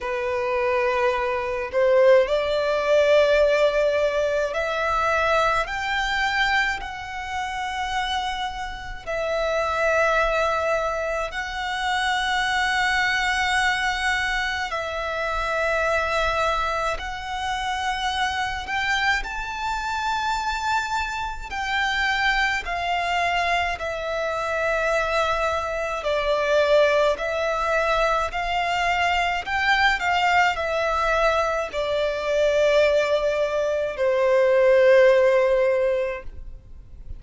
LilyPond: \new Staff \with { instrumentName = "violin" } { \time 4/4 \tempo 4 = 53 b'4. c''8 d''2 | e''4 g''4 fis''2 | e''2 fis''2~ | fis''4 e''2 fis''4~ |
fis''8 g''8 a''2 g''4 | f''4 e''2 d''4 | e''4 f''4 g''8 f''8 e''4 | d''2 c''2 | }